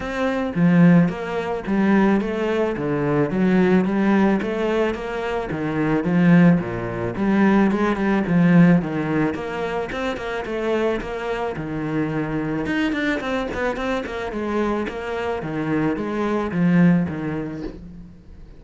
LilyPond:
\new Staff \with { instrumentName = "cello" } { \time 4/4 \tempo 4 = 109 c'4 f4 ais4 g4 | a4 d4 fis4 g4 | a4 ais4 dis4 f4 | ais,4 g4 gis8 g8 f4 |
dis4 ais4 c'8 ais8 a4 | ais4 dis2 dis'8 d'8 | c'8 b8 c'8 ais8 gis4 ais4 | dis4 gis4 f4 dis4 | }